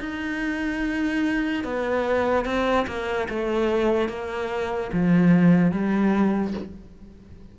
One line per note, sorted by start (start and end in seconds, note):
0.00 1.64 D#4
1.64 2.45 B3
2.45 2.87 C4
2.87 3.28 A#3
3.30 4.09 A3
4.09 4.91 A#3
4.93 5.72 F3
5.72 6.54 G3